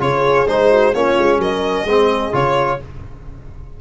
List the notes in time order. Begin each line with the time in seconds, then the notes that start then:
0.00 C#3 F4 G#4 C#5
0.48 G#3 D#4 C5
0.71 F#4
0.94 A#3 C#4 F4 C#5
1.19 G#3
1.39 F#3 A#4 D#5
1.85 G#3 C4 G#4
2.33 C#3 F4 C#5